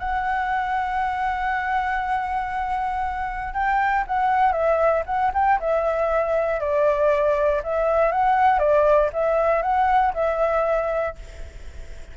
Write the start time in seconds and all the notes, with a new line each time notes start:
0.00 F#5
3.54 G5
4.08 F#5
4.53 E5
5.06 F#5
5.35 G5
5.60 E5
6.61 D5
7.64 E5
8.12 F#5
8.60 D5
9.13 E5
9.63 F#5
10.14 E5